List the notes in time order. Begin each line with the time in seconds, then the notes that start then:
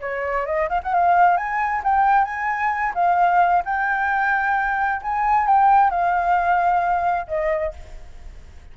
0.00 C#5
0.46 D#5
0.69 F5
0.83 F#5
0.94 F5
1.37 G#5
1.83 G5
2.25 G#5
2.94 F5
3.65 G5
5.02 G#5
5.47 G5
5.90 F5
7.27 D#5